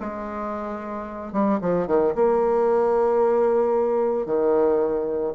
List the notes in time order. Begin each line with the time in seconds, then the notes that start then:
0.00 G#3
1.32 G3
1.60 F3
1.87 D#3
2.15 A#3
4.26 D#3